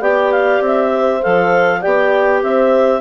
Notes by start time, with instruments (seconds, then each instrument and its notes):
0.00 bassoon B3, clarinet G4 G5, horn D5
0.32 clarinet F5
0.60 bassoon C4, clarinet E5
0.92 horn C5
1.22 bassoon F3, clarinet A4 F5
1.81 bassoon B3, clarinet G4 G5, horn D5
2.42 bassoon C4, horn C5, clarinet E5